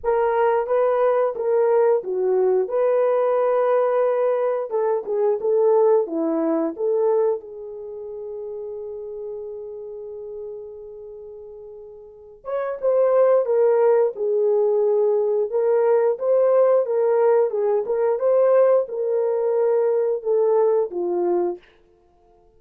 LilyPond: \new Staff \with { instrumentName = "horn" } { \time 4/4 \tempo 4 = 89 ais'4 b'4 ais'4 fis'4 | b'2. a'8 gis'8 | a'4 e'4 a'4 gis'4~ | gis'1~ |
gis'2~ gis'8 cis''8 c''4 | ais'4 gis'2 ais'4 | c''4 ais'4 gis'8 ais'8 c''4 | ais'2 a'4 f'4 | }